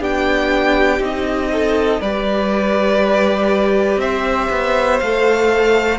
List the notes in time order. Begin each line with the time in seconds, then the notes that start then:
0.00 B3 D4 G4 G5
1.00 C4 D#4 D#5
1.52 A4
2.01 G3 G4 B4 D5
3.97 C4 C5 E5
4.51 B3
5.00 A3 A4 F5